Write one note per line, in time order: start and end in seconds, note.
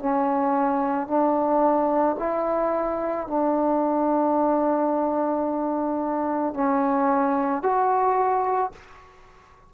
0.00 1.08 C#4
1.08 2.17 D4
2.19 3.28 E4
3.28 6.55 D4
6.55 7.63 C#4
7.63 8.72 F#4